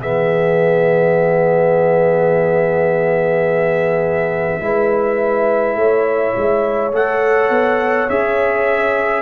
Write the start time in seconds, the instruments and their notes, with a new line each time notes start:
0.00 tuba E3, trombone B3, horn G#4, trumpet E5
4.60 tuba G#3, trombone E4, horn B4
5.75 tuba A3, horn C#5
6.36 tuba G#3
6.92 tuba A3, trombone A4, trumpet F#5
7.49 tuba B3
8.09 tuba C#4, trombone G#4, trumpet E5